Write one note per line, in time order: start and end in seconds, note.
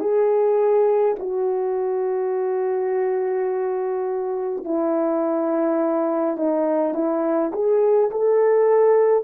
0.00 1.15 G#4
1.20 4.65 F#4
4.65 6.37 E4
6.37 6.94 D#4
6.94 7.52 E4
7.53 8.11 G#4
8.11 9.25 A4